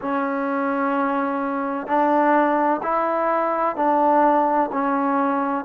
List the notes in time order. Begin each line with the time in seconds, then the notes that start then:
0.01 C#4
1.87 D4
2.83 E4
3.76 D4
4.72 C#4